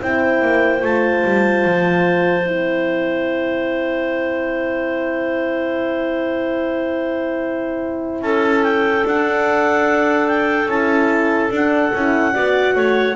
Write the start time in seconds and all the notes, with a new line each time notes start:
0.00 C4 E4 C5 G5
0.42 A#3
0.79 A3 F4 A5
1.24 G3
1.65 F3
2.46 C4 E4 G5
8.22 C#4 A4 A5
8.64 G5
9.05 D4 F#5
10.28 G5
10.67 C#4 E4 A5
11.51 D4 F#5
11.94 C#4 E4
12.33 B3 F#4 D5
12.76 A3 C#5